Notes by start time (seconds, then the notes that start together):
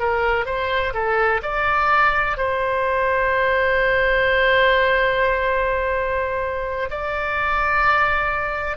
0.00 A#4
0.46 C5
0.94 A4
1.43 D5
2.38 C5
6.91 D5